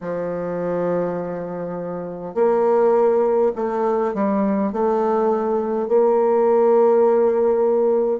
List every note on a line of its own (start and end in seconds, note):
0.00 2.34 F3
2.34 3.51 A#3
3.55 4.13 A3
4.13 4.72 G3
4.72 5.88 A3
5.88 8.19 A#3